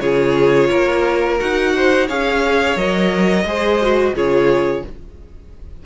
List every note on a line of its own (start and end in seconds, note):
0.00 0.70 C#3
0.00 1.39 F4
0.00 0.69 G#4
0.00 1.38 C#5
0.70 1.41 A#3
0.70 1.73 A#4
1.39 2.10 D#4
1.39 2.07 F#4
1.39 2.09 F#5
1.76 2.07 C5
2.07 2.76 C#4
2.07 2.77 G#4
2.07 3.45 C#5
2.07 2.77 F5
2.76 3.44 F#3
2.76 3.46 A#4
2.76 4.15 D#5
3.44 4.13 G#3
3.44 3.81 G#4
3.44 4.15 C5
3.82 4.15 F#4
4.14 4.83 C#3
4.14 4.84 F4
4.14 4.83 G#4
4.14 4.86 C#5